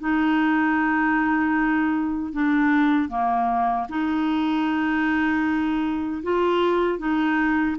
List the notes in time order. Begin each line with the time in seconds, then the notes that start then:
0.00 D#4
2.32 D4
3.09 A#3
3.89 D#4
6.23 F4
6.98 D#4